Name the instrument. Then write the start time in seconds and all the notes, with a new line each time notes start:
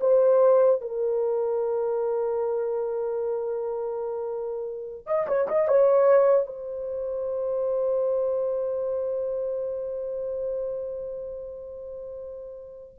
horn
0.00 C5
0.81 A#4
5.06 D#5
5.27 C#5
5.48 D#5
5.68 C#5
6.46 C5